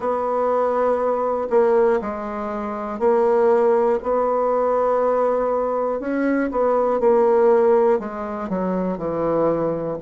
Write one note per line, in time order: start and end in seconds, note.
0.00 1.48 B3
1.50 2.00 A#3
2.00 2.99 G#3
2.99 3.99 A#3
4.02 6.00 B3
6.00 6.50 C#4
6.50 7.00 B3
7.00 7.99 A#3
7.99 8.49 G#3
8.49 8.97 F#3
8.97 9.97 E3